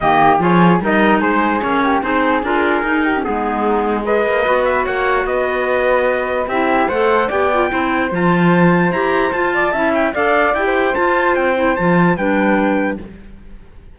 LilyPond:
<<
  \new Staff \with { instrumentName = "trumpet" } { \time 4/4 \tempo 4 = 148 dis''4 cis''4 dis''4 c''4 | cis''4 c''4 ais'2 | gis'2 dis''4. e''8 | fis''4 dis''2. |
e''4 fis''4 g''2 | a''2 ais''4 a''4~ | a''8 g''8 f''4 g''4 a''4 | g''4 a''4 g''2 | }
  \new Staff \with { instrumentName = "flute" } { \time 4/4 g'4 gis'4 ais'4 gis'4~ | gis'8 g'8 gis'2~ gis'8 g'8 | dis'2 b'2 | cis''4 b'2. |
g'4 c''4 d''4 c''4~ | c''2.~ c''8 d''8 | e''4 d''4~ d''16 c''4.~ c''16~ | c''2 b'2 | }
  \new Staff \with { instrumentName = "clarinet" } { \time 4/4 ais4 f'4 dis'2 | cis'4 dis'4 f'4 dis'8. cis'16 | b2 gis'4 fis'4~ | fis'1 |
e'4 a'4 g'8 f'8 e'4 | f'2 g'4 f'4 | e'4 a'4 g'4 f'4~ | f'8 e'8 f'4 d'2 | }
  \new Staff \with { instrumentName = "cello" } { \time 4/4 dis4 f4 g4 gis4 | ais4 c'4 d'4 dis'4 | gis2~ gis8 ais8 b4 | ais4 b2. |
c'4 a4 b4 c'4 | f2 e'4 f'4 | cis'4 d'4 e'4 f'4 | c'4 f4 g2 | }
>>